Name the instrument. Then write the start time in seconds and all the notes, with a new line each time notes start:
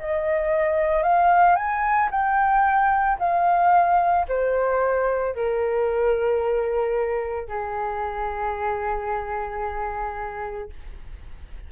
flute
0.00 D#5
1.03 F5
1.56 G#5
2.11 G5
3.19 F5
4.29 C5
5.36 A#4
7.49 G#4